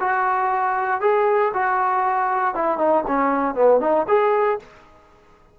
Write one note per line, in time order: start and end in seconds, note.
0.00 1.01 F#4
1.01 1.52 G#4
1.54 2.55 F#4
2.55 2.78 E4
2.78 3.04 D#4
3.08 3.55 C#4
3.55 3.81 B3
3.81 4.07 D#4
4.08 4.60 G#4